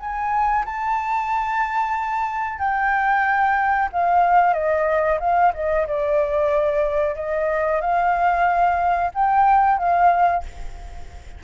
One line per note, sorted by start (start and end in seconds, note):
0.00 0.65 G#5
0.66 2.59 A5
2.59 3.89 G5
3.92 4.54 F5
4.54 5.19 D#5
5.20 5.53 F5
5.54 5.87 D#5
5.87 7.16 D5
7.16 7.81 D#5
7.81 9.12 F5
9.15 9.79 G5
9.79 10.44 F5